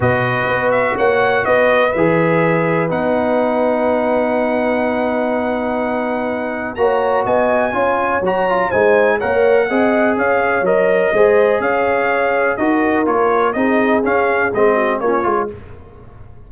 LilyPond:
<<
  \new Staff \with { instrumentName = "trumpet" } { \time 4/4 \tempo 4 = 124 dis''4. e''8 fis''4 dis''4 | e''2 fis''2~ | fis''1~ | fis''2 ais''4 gis''4~ |
gis''4 ais''4 gis''4 fis''4~ | fis''4 f''4 dis''2 | f''2 dis''4 cis''4 | dis''4 f''4 dis''4 cis''4 | }
  \new Staff \with { instrumentName = "horn" } { \time 4/4 b'2 cis''4 b'4~ | b'1~ | b'1~ | b'2 cis''4 dis''4 |
cis''2 c''4 cis''4 | dis''4 cis''2 c''4 | cis''2 ais'2 | gis'2~ gis'8 fis'8 f'4 | }
  \new Staff \with { instrumentName = "trombone" } { \time 4/4 fis'1 | gis'2 dis'2~ | dis'1~ | dis'2 fis'2 |
f'4 fis'8 f'8 dis'4 ais'4 | gis'2 ais'4 gis'4~ | gis'2 fis'4 f'4 | dis'4 cis'4 c'4 cis'8 f'8 | }
  \new Staff \with { instrumentName = "tuba" } { \time 4/4 b,4 b4 ais4 b4 | e2 b2~ | b1~ | b2 ais4 b4 |
cis'4 fis4 gis4 ais4 | c'4 cis'4 fis4 gis4 | cis'2 dis'4 ais4 | c'4 cis'4 gis4 ais8 gis8 | }
>>